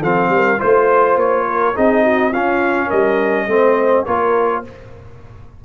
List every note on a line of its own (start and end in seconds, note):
0.00 0.29 F3
0.00 0.58 C4
0.00 0.29 A4
0.00 0.61 F5
0.29 0.58 G3
0.29 0.59 A#4
0.58 1.16 A3
0.58 1.74 F4
0.58 1.46 C5
0.58 1.18 C5
1.16 1.74 A#3
1.16 1.76 C#5
1.48 1.75 A#4
1.75 2.33 C4
1.75 2.32 D#4
1.75 2.03 G#4
1.75 2.33 D#5
2.03 2.31 F#4
2.31 2.91 C#4
2.31 3.49 C#4
2.31 2.87 F4
2.31 2.90 F5
2.87 3.47 G3
2.87 3.44 A#4
2.87 4.05 D#5
3.47 4.05 A3
3.47 4.06 C4
3.47 4.06 C5
4.05 4.65 A#3
4.05 4.64 F4
4.05 4.63 A#4
4.05 4.63 C#5